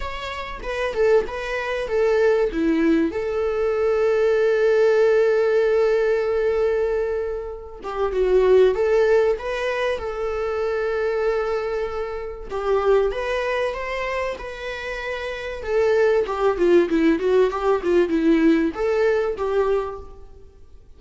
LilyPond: \new Staff \with { instrumentName = "viola" } { \time 4/4 \tempo 4 = 96 cis''4 b'8 a'8 b'4 a'4 | e'4 a'2.~ | a'1~ | a'8 g'8 fis'4 a'4 b'4 |
a'1 | g'4 b'4 c''4 b'4~ | b'4 a'4 g'8 f'8 e'8 fis'8 | g'8 f'8 e'4 a'4 g'4 | }